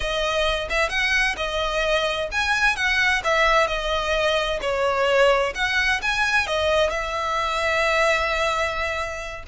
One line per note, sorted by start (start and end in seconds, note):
0.00 0.68 D#5
0.69 0.89 E5
0.89 1.35 F#5
1.36 2.29 D#5
2.31 2.75 G#5
2.75 3.22 F#5
3.24 3.67 E5
3.67 4.59 D#5
4.61 5.53 C#5
5.54 6.00 F#5
6.01 6.46 G#5
6.46 6.89 D#5
6.89 9.43 E5